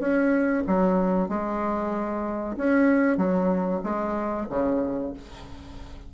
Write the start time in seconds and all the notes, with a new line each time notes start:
0.00 C#4
0.67 F#3
1.29 G#3
2.57 C#4
3.17 F#3
3.84 G#3
4.50 C#3